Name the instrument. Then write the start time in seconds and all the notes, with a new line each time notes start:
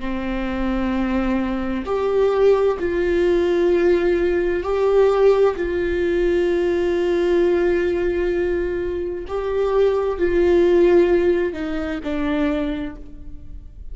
viola
0.00 C4
1.85 G4
2.79 F4
4.63 G4
5.56 F4
9.28 G4
10.18 F4
11.53 D#4
12.04 D4